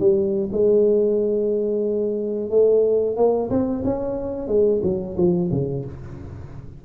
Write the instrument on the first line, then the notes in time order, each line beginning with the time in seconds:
tuba
0.00 G3
0.52 G#3
2.51 A3
3.17 A#3
3.50 C4
3.85 C#4
4.48 G#3
4.83 F#3
5.18 F3
5.52 C#3